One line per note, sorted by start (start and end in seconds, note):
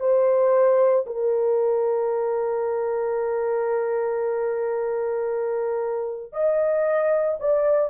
0.00 1.05 C5
1.06 6.33 A#4
6.33 7.38 D#5
7.40 7.90 D5